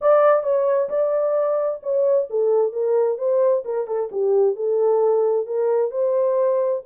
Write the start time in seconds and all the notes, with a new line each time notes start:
0.01 D5
0.43 C#5
0.89 D5
1.82 C#5
2.30 A4
2.72 A#4
3.18 C5
3.64 A#4
3.87 A4
4.11 G4
4.55 A4
5.46 A#4
5.91 C5